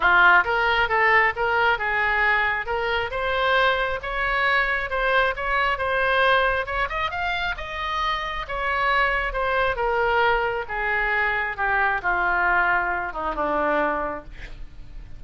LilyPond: \new Staff \with { instrumentName = "oboe" } { \time 4/4 \tempo 4 = 135 f'4 ais'4 a'4 ais'4 | gis'2 ais'4 c''4~ | c''4 cis''2 c''4 | cis''4 c''2 cis''8 dis''8 |
f''4 dis''2 cis''4~ | cis''4 c''4 ais'2 | gis'2 g'4 f'4~ | f'4. dis'8 d'2 | }